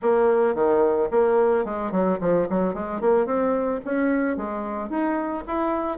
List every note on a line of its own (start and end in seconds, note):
0.01 0.54 A#3
0.54 1.09 D#3
1.11 1.64 A#3
1.64 1.91 G#3
1.91 2.18 F#3
2.20 2.47 F3
2.49 2.73 F#3
2.73 3.00 G#3
3.00 3.26 A#3
3.26 3.80 C4
3.85 4.36 C#4
4.36 4.89 G#3
4.89 5.44 D#4
5.47 5.98 E4